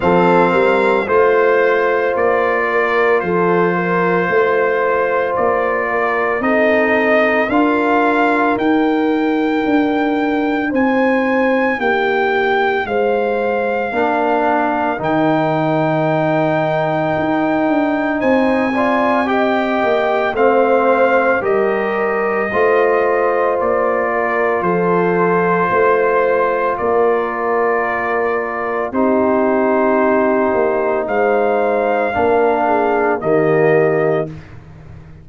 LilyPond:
<<
  \new Staff \with { instrumentName = "trumpet" } { \time 4/4 \tempo 4 = 56 f''4 c''4 d''4 c''4~ | c''4 d''4 dis''4 f''4 | g''2 gis''4 g''4 | f''2 g''2~ |
g''4 gis''4 g''4 f''4 | dis''2 d''4 c''4~ | c''4 d''2 c''4~ | c''4 f''2 dis''4 | }
  \new Staff \with { instrumentName = "horn" } { \time 4/4 a'8 ais'8 c''4. ais'8 a'8 ais'8 | c''4. ais'8 a'4 ais'4~ | ais'2 c''4 g'4 | c''4 ais'2.~ |
ais'4 c''8 d''8 dis''4 c''4 | ais'4 c''4. ais'8 a'4 | c''4 ais'2 g'4~ | g'4 c''4 ais'8 gis'8 g'4 | }
  \new Staff \with { instrumentName = "trombone" } { \time 4/4 c'4 f'2.~ | f'2 dis'4 f'4 | dis'1~ | dis'4 d'4 dis'2~ |
dis'4. f'8 g'4 c'4 | g'4 f'2.~ | f'2. dis'4~ | dis'2 d'4 ais4 | }
  \new Staff \with { instrumentName = "tuba" } { \time 4/4 f8 g8 a4 ais4 f4 | a4 ais4 c'4 d'4 | dis'4 d'4 c'4 ais4 | gis4 ais4 dis2 |
dis'8 d'8 c'4. ais8 a4 | g4 a4 ais4 f4 | a4 ais2 c'4~ | c'8 ais8 gis4 ais4 dis4 | }
>>